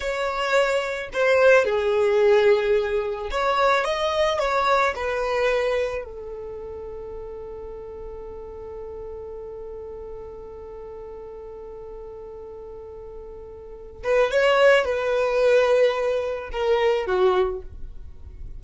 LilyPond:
\new Staff \with { instrumentName = "violin" } { \time 4/4 \tempo 4 = 109 cis''2 c''4 gis'4~ | gis'2 cis''4 dis''4 | cis''4 b'2 a'4~ | a'1~ |
a'1~ | a'1~ | a'4. b'8 cis''4 b'4~ | b'2 ais'4 fis'4 | }